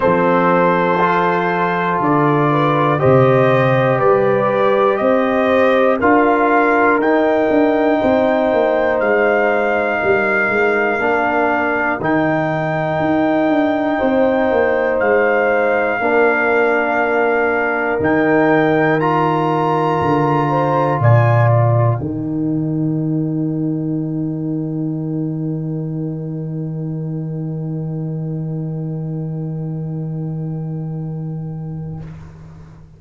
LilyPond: <<
  \new Staff \with { instrumentName = "trumpet" } { \time 4/4 \tempo 4 = 60 c''2 d''4 dis''4 | d''4 dis''4 f''4 g''4~ | g''4 f''2. | g''2. f''4~ |
f''2 g''4 ais''4~ | ais''4 gis''8 g''2~ g''8~ | g''1~ | g''1 | }
  \new Staff \with { instrumentName = "horn" } { \time 4/4 a'2~ a'8 b'8 c''4 | b'4 c''4 ais'2 | c''2 ais'2~ | ais'2 c''2 |
ais'1~ | ais'8 c''8 d''4 ais'2~ | ais'1~ | ais'1 | }
  \new Staff \with { instrumentName = "trombone" } { \time 4/4 c'4 f'2 g'4~ | g'2 f'4 dis'4~ | dis'2. d'4 | dis'1 |
d'2 dis'4 f'4~ | f'2 dis'2~ | dis'1~ | dis'1 | }
  \new Staff \with { instrumentName = "tuba" } { \time 4/4 f2 d4 c4 | g4 c'4 d'4 dis'8 d'8 | c'8 ais8 gis4 g8 gis8 ais4 | dis4 dis'8 d'8 c'8 ais8 gis4 |
ais2 dis2 | d4 ais,4 dis2~ | dis1~ | dis1 | }
>>